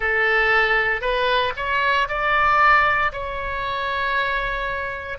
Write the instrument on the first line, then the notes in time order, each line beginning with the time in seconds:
oboe
0.00 A4
1.01 B4
1.56 C#5
2.08 D5
3.12 C#5